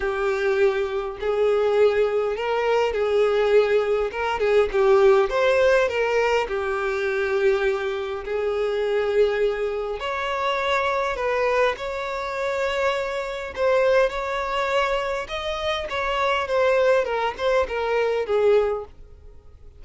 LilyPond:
\new Staff \with { instrumentName = "violin" } { \time 4/4 \tempo 4 = 102 g'2 gis'2 | ais'4 gis'2 ais'8 gis'8 | g'4 c''4 ais'4 g'4~ | g'2 gis'2~ |
gis'4 cis''2 b'4 | cis''2. c''4 | cis''2 dis''4 cis''4 | c''4 ais'8 c''8 ais'4 gis'4 | }